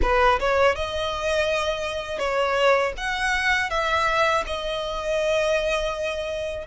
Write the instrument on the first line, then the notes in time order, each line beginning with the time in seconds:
violin
0.02 B4
0.39 C#5
0.75 D#5
2.18 C#5
2.97 F#5
3.70 E5
4.46 D#5